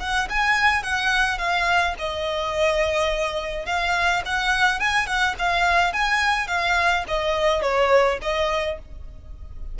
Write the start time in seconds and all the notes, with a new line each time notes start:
0.00 F#5
0.29 G#5
0.83 F#5
1.38 F5
1.99 D#5
3.66 F5
4.26 F#5
4.80 G#5
5.07 F#5
5.39 F5
5.93 G#5
6.48 F5
7.08 D#5
7.62 C#5
8.22 D#5